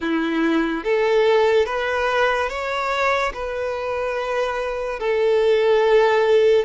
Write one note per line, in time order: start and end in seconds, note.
0.00 0.83 E4
0.83 1.66 A4
1.66 2.49 B4
2.49 3.32 C#5
3.33 4.99 B4
4.99 6.64 A4